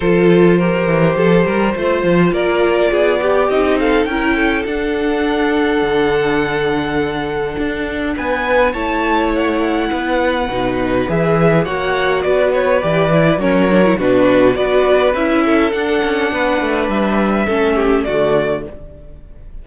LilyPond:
<<
  \new Staff \with { instrumentName = "violin" } { \time 4/4 \tempo 4 = 103 c''1 | d''2 dis''8 f''8 g''4 | fis''1~ | fis''2 gis''4 a''4 |
fis''2. e''4 | fis''4 d''8 cis''8 d''4 cis''4 | b'4 d''4 e''4 fis''4~ | fis''4 e''2 d''4 | }
  \new Staff \with { instrumentName = "violin" } { \time 4/4 a'4 ais'4 a'8 ais'8 c''4 | ais'4 gis'8 g'4 a'8 ais'8 a'8~ | a'1~ | a'2 b'4 cis''4~ |
cis''4 b'2. | cis''4 b'2 ais'4 | fis'4 b'4. a'4. | b'2 a'8 g'8 fis'4 | }
  \new Staff \with { instrumentName = "viola" } { \time 4/4 f'4 g'2 f'4~ | f'4. g'8 dis'4 e'4 | d'1~ | d'2. e'4~ |
e'2 dis'4 gis'4 | fis'2 g'8 e'8 cis'8 d'16 e'16 | d'4 fis'4 e'4 d'4~ | d'2 cis'4 a4 | }
  \new Staff \with { instrumentName = "cello" } { \time 4/4 f4. e8 f8 g8 a8 f8 | ais4 b4 c'4 cis'4 | d'2 d2~ | d4 d'4 b4 a4~ |
a4 b4 b,4 e4 | ais4 b4 e4 fis4 | b,4 b4 cis'4 d'8 cis'8 | b8 a8 g4 a4 d4 | }
>>